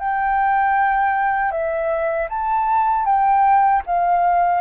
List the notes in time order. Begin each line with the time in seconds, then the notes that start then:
0.00 G5
1.51 E5
2.29 A5
3.05 G5
3.86 F5